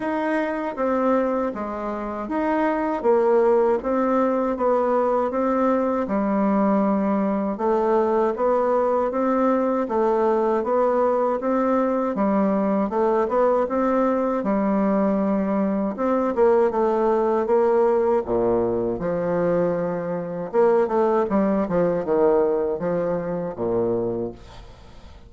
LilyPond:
\new Staff \with { instrumentName = "bassoon" } { \time 4/4 \tempo 4 = 79 dis'4 c'4 gis4 dis'4 | ais4 c'4 b4 c'4 | g2 a4 b4 | c'4 a4 b4 c'4 |
g4 a8 b8 c'4 g4~ | g4 c'8 ais8 a4 ais4 | ais,4 f2 ais8 a8 | g8 f8 dis4 f4 ais,4 | }